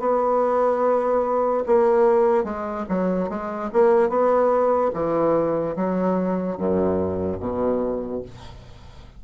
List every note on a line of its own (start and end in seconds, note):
0.00 1.64 B3
1.67 2.44 A#3
2.44 2.85 G#3
2.89 3.29 F#3
3.29 3.70 G#3
3.73 4.09 A#3
4.09 4.92 B3
4.94 5.76 E3
5.76 6.57 F#3
6.57 7.39 F#2
7.40 8.22 B2